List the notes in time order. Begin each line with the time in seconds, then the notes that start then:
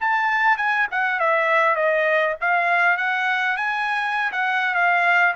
0.00 A5
0.57 G#5
0.91 F#5
1.19 E5
1.75 D#5
2.41 F5
2.97 F#5
3.56 G#5
4.32 F#5
4.74 F5